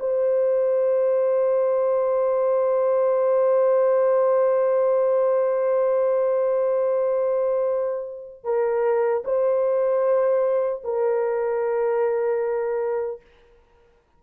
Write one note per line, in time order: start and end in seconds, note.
0.00 8.44 C5
8.44 9.23 A#4
9.25 10.83 C5
10.84 13.21 A#4